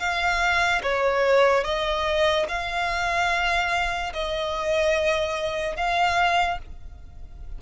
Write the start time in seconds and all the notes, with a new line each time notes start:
0.00 F5
0.83 C#5
1.64 D#5
2.49 F5
4.14 D#5
5.77 F5